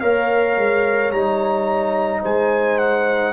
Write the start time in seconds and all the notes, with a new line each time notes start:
0.00 A#3 A#4 C#5 F5
0.57 G#3
1.11 G3 D#4 A#5
2.22 G#3 C5 G#5
2.78 F#5